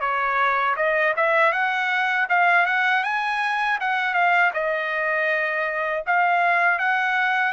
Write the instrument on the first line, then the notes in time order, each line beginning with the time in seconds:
trumpet
0.00 C#5
0.76 D#5
1.16 E5
1.52 F#5
2.29 F5
2.66 F#5
3.03 G#5
3.80 F#5
4.14 F5
4.53 D#5
6.06 F5
6.78 F#5